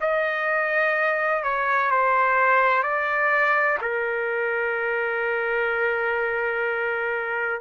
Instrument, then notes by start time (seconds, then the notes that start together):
trumpet
0.00 D#5
1.43 C#5
1.90 C5
2.83 D5
3.81 A#4